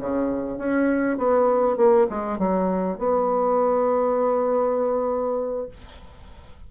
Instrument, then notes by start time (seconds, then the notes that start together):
bassoon
0.00 C#3
0.59 C#4
1.18 B3
1.77 A#3
2.10 G#3
2.39 F#3
2.99 B3